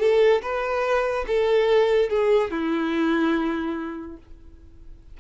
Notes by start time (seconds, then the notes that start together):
0.00 A4
0.42 B4
1.27 A4
2.10 G#4
2.51 E4